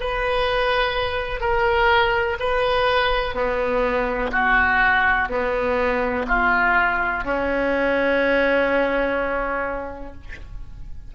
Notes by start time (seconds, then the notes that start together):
0.00 B4
1.40 A#4
2.40 B4
3.34 B3
4.32 F#4
5.29 B3
6.28 F4
7.24 C#4